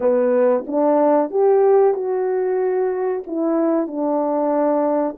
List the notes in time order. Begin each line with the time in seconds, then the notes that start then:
0.00 B3
0.67 D4
1.30 G4
1.94 F#4
3.26 E4
3.87 D4